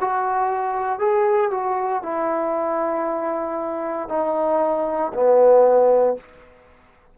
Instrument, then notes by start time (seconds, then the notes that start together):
trombone
0.00 F#4
0.99 G#4
1.51 F#4
2.03 E4
4.09 D#4
5.14 B3